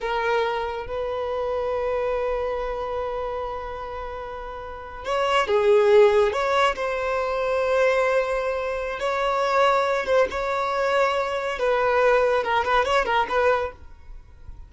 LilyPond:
\new Staff \with { instrumentName = "violin" } { \time 4/4 \tempo 4 = 140 ais'2 b'2~ | b'1~ | b'2.~ b'8. cis''16~ | cis''8. gis'2 cis''4 c''16~ |
c''1~ | c''4 cis''2~ cis''8 c''8 | cis''2. b'4~ | b'4 ais'8 b'8 cis''8 ais'8 b'4 | }